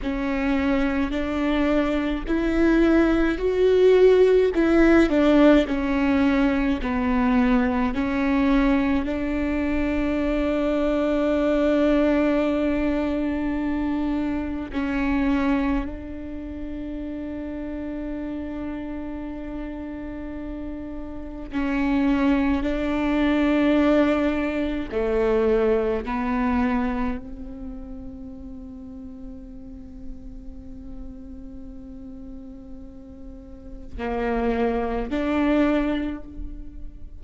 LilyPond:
\new Staff \with { instrumentName = "viola" } { \time 4/4 \tempo 4 = 53 cis'4 d'4 e'4 fis'4 | e'8 d'8 cis'4 b4 cis'4 | d'1~ | d'4 cis'4 d'2~ |
d'2. cis'4 | d'2 a4 b4 | c'1~ | c'2 ais4 d'4 | }